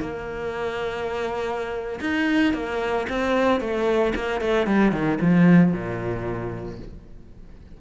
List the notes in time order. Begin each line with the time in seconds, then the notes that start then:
0.00 A#3
2.00 D#4
2.53 A#3
3.09 C4
3.60 A3
4.15 A#3
4.40 A3
4.67 G3
4.92 D#3
5.20 F3
5.72 A#2